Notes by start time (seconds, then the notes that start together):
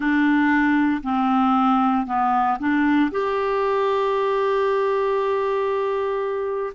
0.00 D4
1.03 C4
2.06 B3
2.59 D4
3.11 G4